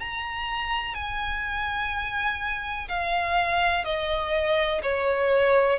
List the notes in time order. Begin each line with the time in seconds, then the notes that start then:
0.00 A#5
0.95 G#5
2.89 F5
3.85 D#5
4.83 C#5